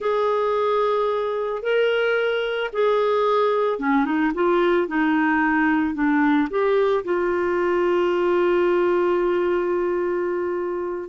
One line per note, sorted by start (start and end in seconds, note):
0.00 1.62 G#4
1.62 2.70 A#4
2.72 3.79 G#4
3.79 4.05 C#4
4.05 4.32 D#4
4.34 4.87 F4
4.87 5.94 D#4
5.94 6.48 D4
6.50 7.04 G4
7.04 11.09 F4